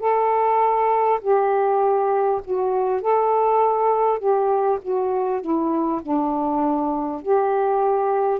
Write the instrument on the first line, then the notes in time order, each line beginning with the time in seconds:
saxophone
0.00 A4
1.22 G4
2.44 F#4
3.02 A4
4.19 G4
4.82 F#4
5.42 E4
6.02 D4
7.22 G4